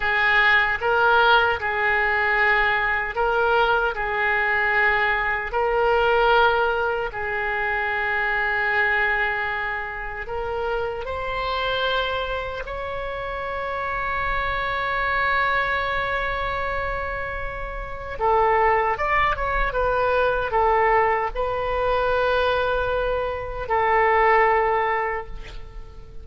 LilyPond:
\new Staff \with { instrumentName = "oboe" } { \time 4/4 \tempo 4 = 76 gis'4 ais'4 gis'2 | ais'4 gis'2 ais'4~ | ais'4 gis'2.~ | gis'4 ais'4 c''2 |
cis''1~ | cis''2. a'4 | d''8 cis''8 b'4 a'4 b'4~ | b'2 a'2 | }